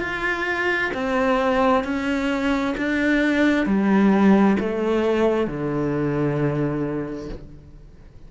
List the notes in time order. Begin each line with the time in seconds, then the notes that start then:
0.00 F4
0.94 C4
1.84 C#4
2.77 D4
3.66 G3
4.60 A3
5.47 D3